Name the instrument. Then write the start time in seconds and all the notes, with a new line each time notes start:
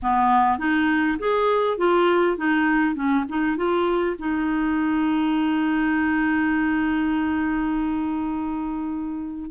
clarinet
0.02 B3
0.58 D#4
1.19 G#4
1.77 F4
2.37 D#4
2.95 C#4
3.28 D#4
3.56 F4
4.19 D#4